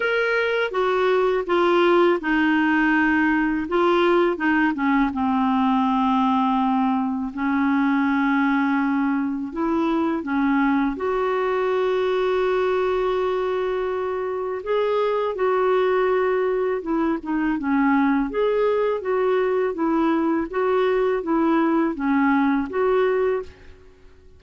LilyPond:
\new Staff \with { instrumentName = "clarinet" } { \time 4/4 \tempo 4 = 82 ais'4 fis'4 f'4 dis'4~ | dis'4 f'4 dis'8 cis'8 c'4~ | c'2 cis'2~ | cis'4 e'4 cis'4 fis'4~ |
fis'1 | gis'4 fis'2 e'8 dis'8 | cis'4 gis'4 fis'4 e'4 | fis'4 e'4 cis'4 fis'4 | }